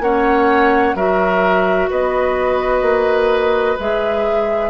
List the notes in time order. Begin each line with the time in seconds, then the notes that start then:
0.00 A#3 C#4 C#5 F#5
0.95 F#3 F#4 A#4 E5
1.90 B3 B4 D#5
2.82 A#3
3.79 G#3 G#4 E5